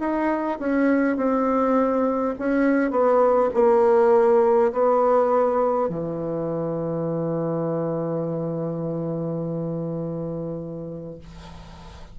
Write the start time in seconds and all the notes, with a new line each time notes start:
0.00 D#4
0.59 C#4
1.17 C4
2.39 C#4
2.91 B3
3.55 A#3
4.73 B3
5.89 E3